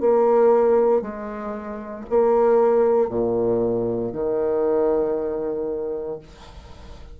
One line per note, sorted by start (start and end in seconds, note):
0.00 1.02 A#3
1.02 2.05 G#3
2.10 3.09 A#3
3.09 4.12 A#2
4.12 6.19 D#3